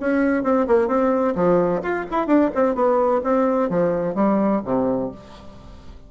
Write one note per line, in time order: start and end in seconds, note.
0.00 0.43 C#4
0.43 0.67 C4
0.67 0.88 A#3
0.88 1.34 C4
1.35 1.82 F3
1.82 2.05 F4
2.11 2.27 E4
2.27 2.50 D4
2.55 2.75 C4
2.75 3.21 B3
3.23 3.70 C4
3.70 4.15 F3
4.15 4.61 G3
4.65 5.11 C3